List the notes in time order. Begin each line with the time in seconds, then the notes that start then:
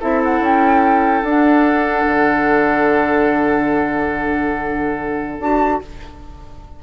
0.00 C4 E4 A4 E5
0.24 F#5
0.40 C#4 G5
1.23 D4 F#5
2.06 D3
5.39 D4 F#4 A5